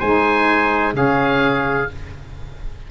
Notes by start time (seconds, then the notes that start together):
0.00 G#3 D#4 C5 G#5
0.93 C#3 C#4 G#4 F5